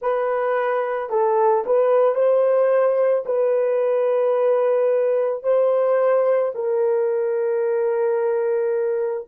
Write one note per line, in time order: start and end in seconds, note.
0.01 1.09 B4
1.09 1.64 A4
1.66 2.15 B4
2.15 3.24 C5
3.25 5.42 B4
5.42 6.52 C5
6.55 9.27 A#4